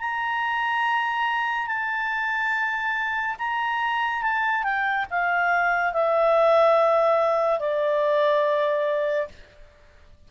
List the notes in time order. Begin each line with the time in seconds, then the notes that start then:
0.00 A#5
1.67 A5
3.39 A#5
4.23 A5
4.64 G5
5.10 F5
5.93 E5
7.59 D5